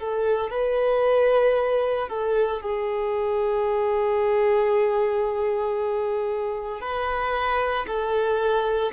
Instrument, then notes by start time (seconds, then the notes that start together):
violin
0.00 A4
0.51 B4
2.09 A4
2.61 G#4
6.81 B4
7.87 A4